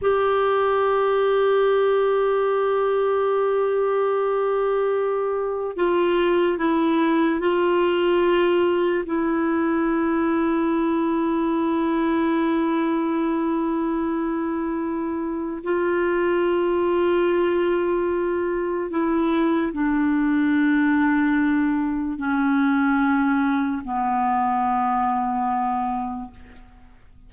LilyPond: \new Staff \with { instrumentName = "clarinet" } { \time 4/4 \tempo 4 = 73 g'1~ | g'2. f'4 | e'4 f'2 e'4~ | e'1~ |
e'2. f'4~ | f'2. e'4 | d'2. cis'4~ | cis'4 b2. | }